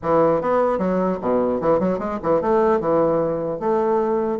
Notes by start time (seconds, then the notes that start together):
0.02 E3
0.41 B3
0.78 F#3
1.21 B2
1.60 E3
1.79 F#3
1.99 G#3
2.23 E3
2.41 A3
2.80 E3
3.59 A3